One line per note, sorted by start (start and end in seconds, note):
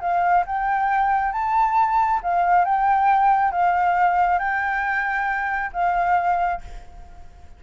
0.00 0.44 F5
0.46 1.32 G5
1.32 2.20 A5
2.23 2.65 F5
2.65 3.51 G5
3.51 4.39 F5
4.39 5.71 G5
5.72 6.61 F5